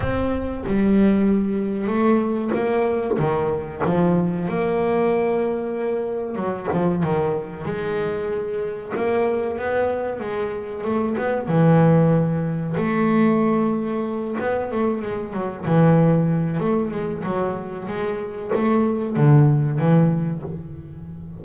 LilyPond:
\new Staff \with { instrumentName = "double bass" } { \time 4/4 \tempo 4 = 94 c'4 g2 a4 | ais4 dis4 f4 ais4~ | ais2 fis8 f8 dis4 | gis2 ais4 b4 |
gis4 a8 b8 e2 | a2~ a8 b8 a8 gis8 | fis8 e4. a8 gis8 fis4 | gis4 a4 d4 e4 | }